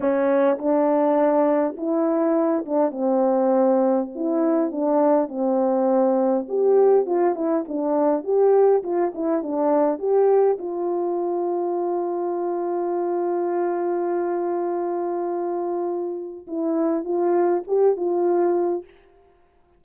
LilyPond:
\new Staff \with { instrumentName = "horn" } { \time 4/4 \tempo 4 = 102 cis'4 d'2 e'4~ | e'8 d'8 c'2 e'4 | d'4 c'2 g'4 | f'8 e'8 d'4 g'4 f'8 e'8 |
d'4 g'4 f'2~ | f'1~ | f'1 | e'4 f'4 g'8 f'4. | }